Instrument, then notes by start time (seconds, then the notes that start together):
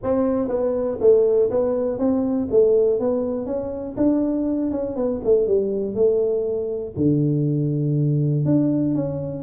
tuba
0.03 C4
0.48 B3
1.00 A3
1.50 B3
1.98 C4
2.50 A3
2.99 B3
3.46 C#4
3.96 D4
4.71 C#4
4.96 B3
5.24 A3
5.47 G3
5.95 A3
6.96 D3
8.45 D4
8.94 C#4